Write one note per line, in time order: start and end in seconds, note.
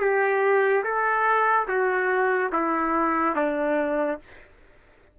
0.00 0.83 G4
0.84 1.67 A4
1.68 2.51 F#4
2.52 3.36 E4
3.36 4.19 D4